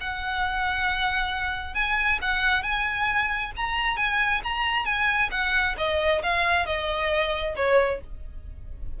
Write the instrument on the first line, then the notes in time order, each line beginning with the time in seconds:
violin
0.00 F#5
1.74 G#5
2.21 F#5
2.62 G#5
3.56 A#5
3.96 G#5
4.43 A#5
4.85 G#5
5.31 F#5
5.77 D#5
6.22 F5
6.65 D#5
7.56 C#5